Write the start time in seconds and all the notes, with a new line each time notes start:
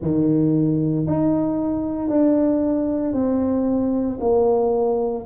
0.01 D#3
1.07 D#4
2.08 D4
3.13 C4
4.20 A#3